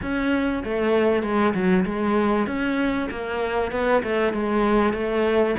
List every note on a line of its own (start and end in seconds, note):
0.01 0.63 C#4
0.64 1.22 A3
1.22 1.53 G#3
1.54 1.84 F#3
1.85 2.46 G#3
2.46 3.08 C#4
3.10 3.71 A#3
3.71 4.02 B3
4.03 4.33 A3
4.33 4.93 G#3
4.93 5.55 A3